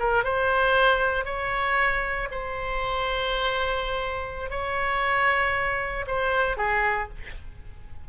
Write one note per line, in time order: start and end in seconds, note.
0.00 0.24 A#4
0.24 1.26 C5
1.26 2.29 C#5
2.32 4.51 C5
4.51 6.06 C#5
6.08 6.57 C5
6.57 7.09 G#4